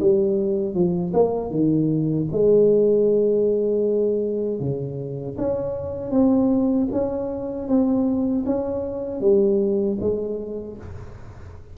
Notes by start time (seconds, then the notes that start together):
0.00 G3
0.74 F3
1.13 A#3
1.50 D#3
2.31 G#3
4.59 C#3
5.38 C#4
6.11 C4
6.92 C#4
7.68 C4
8.46 C#4
9.21 G3
10.00 G#3